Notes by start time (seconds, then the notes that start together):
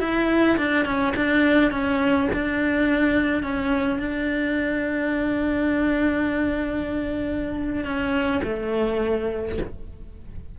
0.00 E4
0.58 D4
0.85 C#4
1.16 D4
1.72 C#4
2.34 D4
3.43 C#4
4.00 D4
7.85 C#4
8.44 A3